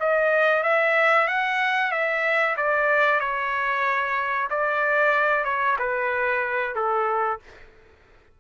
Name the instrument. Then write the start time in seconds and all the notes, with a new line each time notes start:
trumpet
0.00 D#5
0.63 E5
1.28 F#5
1.92 E5
2.57 D5
3.20 C#5
4.50 D5
5.45 C#5
5.79 B4
6.75 A4